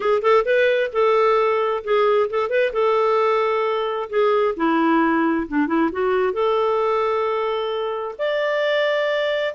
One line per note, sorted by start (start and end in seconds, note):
0.00 0.22 G#4
0.22 0.44 A4
0.45 0.90 B4
0.92 1.83 A4
1.84 2.29 G#4
2.30 2.49 A4
2.49 2.72 B4
2.73 4.09 A4
4.09 4.55 G#4
4.56 5.47 E4
5.48 5.67 D4
5.67 5.90 E4
5.92 6.33 F#4
6.33 8.15 A4
8.18 9.54 D5